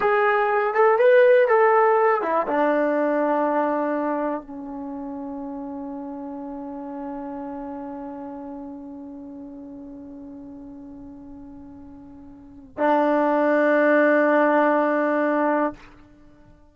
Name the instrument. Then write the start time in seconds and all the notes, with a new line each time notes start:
trombone
0.00 G#4
0.74 A4
0.98 B4
1.48 A4
2.22 E4
2.47 D4
4.41 C#4
12.77 D4